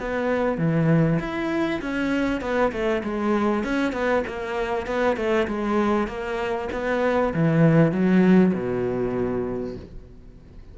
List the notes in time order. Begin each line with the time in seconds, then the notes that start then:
0.00 B3
0.58 E3
1.19 E4
1.81 C#4
2.41 B3
2.72 A3
3.03 G#3
3.64 C#4
3.93 B3
4.27 A#3
4.86 B3
5.17 A3
5.47 G#3
6.07 A#3
6.72 B3
7.34 E3
7.92 F#3
8.54 B2